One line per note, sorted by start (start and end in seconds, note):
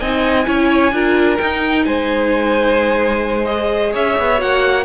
0.00 0.47 C4
0.00 0.46 D#4
0.00 0.46 D#5
0.00 1.38 G#5
0.46 0.92 C#4
0.46 0.92 E4
0.46 0.94 C#5
0.92 1.38 D4
0.92 1.39 F4
0.92 1.86 A#4
1.38 3.46 D#4
1.38 1.86 D#4
1.38 1.84 G5
1.85 3.94 G#3
1.85 3.92 C5
1.85 3.46 G#5
3.46 4.37 G#4
3.46 3.92 D#5
3.92 4.18 C#4
3.92 4.85 C#5
3.92 4.41 E5
4.19 4.42 B3
4.37 4.85 A#3
4.37 4.83 F#4
4.37 4.85 F#5